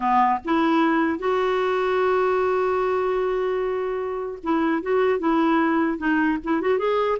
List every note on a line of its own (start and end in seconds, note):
0.00 0.39 B3
0.45 1.19 E4
1.19 4.39 F#4
4.43 4.82 E4
4.82 5.19 F#4
5.19 5.98 E4
5.98 6.38 D#4
6.44 6.61 E4
6.61 6.78 F#4
6.78 7.18 G#4